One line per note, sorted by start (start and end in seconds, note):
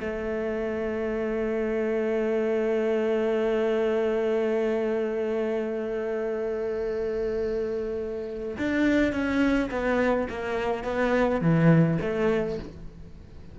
0.00 8.57 A3
8.58 9.12 D4
9.12 9.70 C#4
9.71 10.28 B3
10.29 10.84 A#3
10.84 11.41 B3
11.41 11.98 E3
12.01 12.58 A3